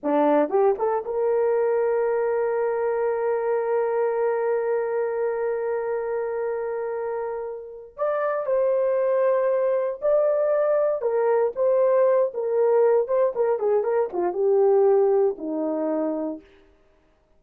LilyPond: \new Staff \with { instrumentName = "horn" } { \time 4/4 \tempo 4 = 117 d'4 g'8 a'8 ais'2~ | ais'1~ | ais'1~ | ais'2.~ ais'8 d''8~ |
d''8 c''2. d''8~ | d''4. ais'4 c''4. | ais'4. c''8 ais'8 gis'8 ais'8 f'8 | g'2 dis'2 | }